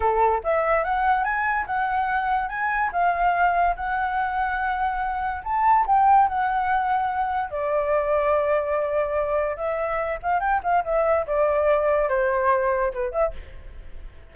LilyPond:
\new Staff \with { instrumentName = "flute" } { \time 4/4 \tempo 4 = 144 a'4 e''4 fis''4 gis''4 | fis''2 gis''4 f''4~ | f''4 fis''2.~ | fis''4 a''4 g''4 fis''4~ |
fis''2 d''2~ | d''2. e''4~ | e''8 f''8 g''8 f''8 e''4 d''4~ | d''4 c''2 b'8 e''8 | }